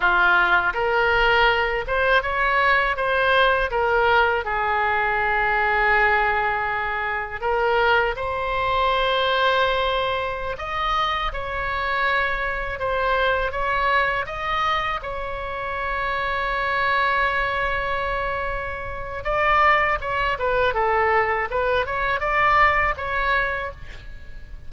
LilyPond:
\new Staff \with { instrumentName = "oboe" } { \time 4/4 \tempo 4 = 81 f'4 ais'4. c''8 cis''4 | c''4 ais'4 gis'2~ | gis'2 ais'4 c''4~ | c''2~ c''16 dis''4 cis''8.~ |
cis''4~ cis''16 c''4 cis''4 dis''8.~ | dis''16 cis''2.~ cis''8.~ | cis''2 d''4 cis''8 b'8 | a'4 b'8 cis''8 d''4 cis''4 | }